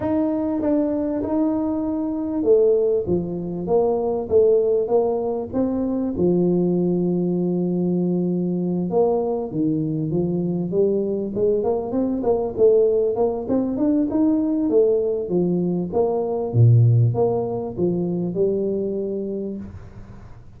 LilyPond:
\new Staff \with { instrumentName = "tuba" } { \time 4/4 \tempo 4 = 98 dis'4 d'4 dis'2 | a4 f4 ais4 a4 | ais4 c'4 f2~ | f2~ f8 ais4 dis8~ |
dis8 f4 g4 gis8 ais8 c'8 | ais8 a4 ais8 c'8 d'8 dis'4 | a4 f4 ais4 ais,4 | ais4 f4 g2 | }